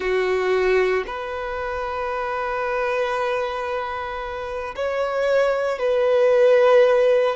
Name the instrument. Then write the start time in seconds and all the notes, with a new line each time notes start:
violin
0.00 F#4
1.06 B4
4.75 C#5
5.78 B4